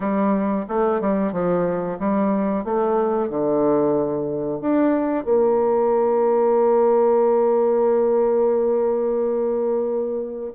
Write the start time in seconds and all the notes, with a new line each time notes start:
0.00 G3
0.68 A3
1.00 G3
1.32 F3
1.99 G3
2.64 A3
3.29 D3
4.60 D4
5.24 A#3